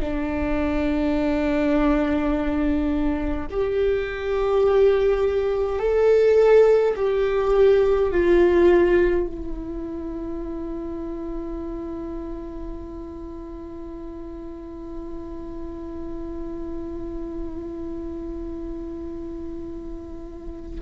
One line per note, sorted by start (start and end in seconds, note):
0.00 3.46 D4
3.50 5.78 G4
5.78 6.94 A4
6.96 8.11 G4
8.11 9.26 F4
9.26 20.80 E4